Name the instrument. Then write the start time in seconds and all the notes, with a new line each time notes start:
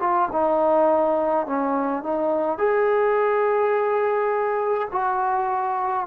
trombone
0.00 F4
0.32 D#4
1.46 C#4
2.03 D#4
2.58 G#4
4.91 F#4